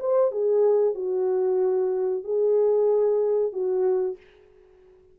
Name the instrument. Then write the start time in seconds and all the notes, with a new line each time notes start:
horn
0.00 C5
0.31 G#4
0.95 F#4
2.24 G#4
3.53 F#4